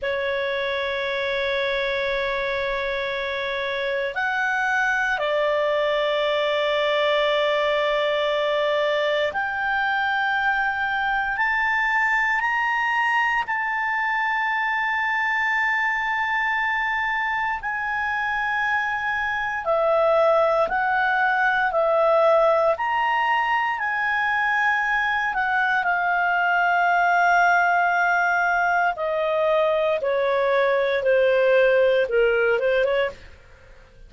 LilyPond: \new Staff \with { instrumentName = "clarinet" } { \time 4/4 \tempo 4 = 58 cis''1 | fis''4 d''2.~ | d''4 g''2 a''4 | ais''4 a''2.~ |
a''4 gis''2 e''4 | fis''4 e''4 ais''4 gis''4~ | gis''8 fis''8 f''2. | dis''4 cis''4 c''4 ais'8 c''16 cis''16 | }